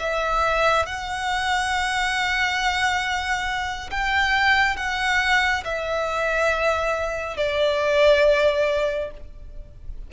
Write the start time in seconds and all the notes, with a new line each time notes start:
0.00 E5
0.86 F#5
3.91 G5
4.77 F#5
5.64 E5
7.37 D5